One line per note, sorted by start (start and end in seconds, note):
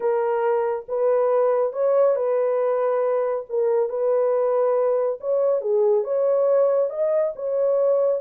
0.00 0.85 A#4
0.88 1.72 B4
1.72 2.15 C#5
2.15 3.45 B4
3.49 3.89 A#4
3.89 5.18 B4
5.20 5.61 C#5
5.61 6.04 G#4
6.04 6.89 C#5
6.89 7.33 D#5
7.35 8.21 C#5